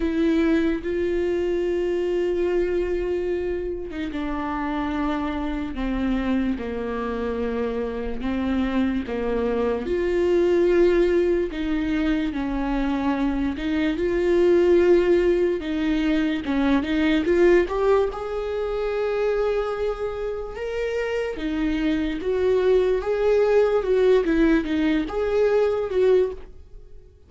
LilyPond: \new Staff \with { instrumentName = "viola" } { \time 4/4 \tempo 4 = 73 e'4 f'2.~ | f'8. dis'16 d'2 c'4 | ais2 c'4 ais4 | f'2 dis'4 cis'4~ |
cis'8 dis'8 f'2 dis'4 | cis'8 dis'8 f'8 g'8 gis'2~ | gis'4 ais'4 dis'4 fis'4 | gis'4 fis'8 e'8 dis'8 gis'4 fis'8 | }